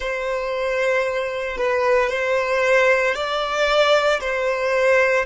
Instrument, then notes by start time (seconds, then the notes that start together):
violin
0.00 C5
1.57 B4
2.09 C5
3.14 D5
4.20 C5